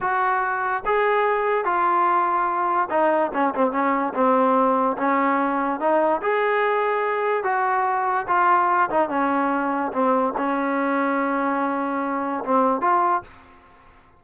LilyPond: \new Staff \with { instrumentName = "trombone" } { \time 4/4 \tempo 4 = 145 fis'2 gis'2 | f'2. dis'4 | cis'8 c'8 cis'4 c'2 | cis'2 dis'4 gis'4~ |
gis'2 fis'2 | f'4. dis'8 cis'2 | c'4 cis'2.~ | cis'2 c'4 f'4 | }